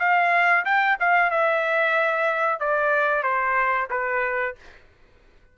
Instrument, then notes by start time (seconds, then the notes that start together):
trumpet
0.00 F5
0.66 G5
1.00 F5
1.31 E5
2.60 D5
3.23 C5
3.91 B4